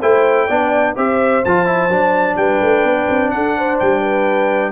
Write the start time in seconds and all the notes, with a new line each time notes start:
0.00 A3 E4 C5 G5
0.46 B3 D4 D5
0.95 C4 G4 C5 E5
1.44 F3 F4 A5
1.65 E4
1.89 F#3 D4
2.36 G3 B4 G5
2.61 A3
2.83 B3
3.09 C4
3.30 D4 A4 F#5
3.57 C5
3.79 G3 G5
4.00 B4